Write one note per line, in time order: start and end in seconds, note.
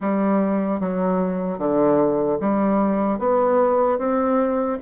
0.00 0.80 G3
0.80 1.58 F#3
1.58 2.38 D3
2.40 3.18 G3
3.18 3.98 B3
3.98 4.78 C4